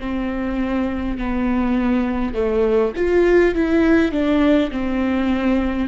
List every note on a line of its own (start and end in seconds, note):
0.00 1.18 C4
1.18 2.34 B3
2.34 2.93 A3
2.96 3.55 F4
3.55 4.12 E4
4.12 4.71 D4
4.71 5.88 C4